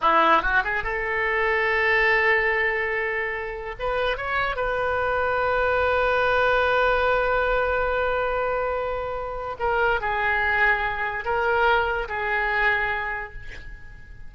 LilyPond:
\new Staff \with { instrumentName = "oboe" } { \time 4/4 \tempo 4 = 144 e'4 fis'8 gis'8 a'2~ | a'1~ | a'4 b'4 cis''4 b'4~ | b'1~ |
b'1~ | b'2. ais'4 | gis'2. ais'4~ | ais'4 gis'2. | }